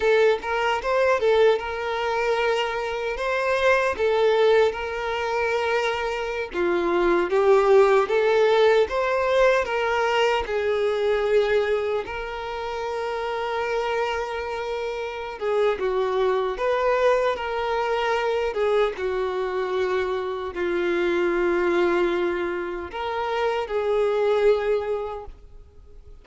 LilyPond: \new Staff \with { instrumentName = "violin" } { \time 4/4 \tempo 4 = 76 a'8 ais'8 c''8 a'8 ais'2 | c''4 a'4 ais'2~ | ais'16 f'4 g'4 a'4 c''8.~ | c''16 ais'4 gis'2 ais'8.~ |
ais'2.~ ais'8 gis'8 | fis'4 b'4 ais'4. gis'8 | fis'2 f'2~ | f'4 ais'4 gis'2 | }